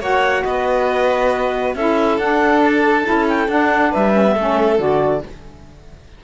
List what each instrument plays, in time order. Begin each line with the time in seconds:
0.00 cello A#3, saxophone F#4, violin C#5, clarinet F#5
0.44 cello B3, violin B4, clarinet D#5
1.75 cello C#4, saxophone E4, violin A4, clarinet E5
2.18 cello D4, saxophone D4, clarinet F#5
2.62 clarinet A5
3.04 cello C#4, saxophone E4
3.28 clarinet G5
3.48 saxophone D4, cello D4, clarinet F#5
3.91 cello G3, violin B4, clarinet E5
4.13 saxophone C#4
4.25 saxophone B3
4.34 cello A3, saxophone C#4, violin A4
4.79 cello D3, saxophone F#4, clarinet D5